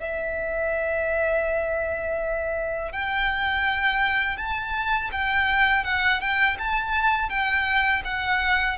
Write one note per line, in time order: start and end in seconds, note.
0.00 2.92 E5
2.92 4.37 G5
4.37 5.10 A5
5.12 5.84 G5
5.84 6.21 F#5
6.21 6.57 G5
6.59 7.30 A5
7.30 8.03 G5
8.05 8.78 F#5